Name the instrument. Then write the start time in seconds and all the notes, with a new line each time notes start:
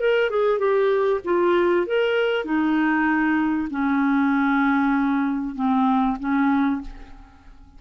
clarinet
0.00 A#4
0.30 G#4
0.59 G4
1.25 F4
1.86 A#4
2.45 D#4
3.71 C#4
5.55 C4
6.20 C#4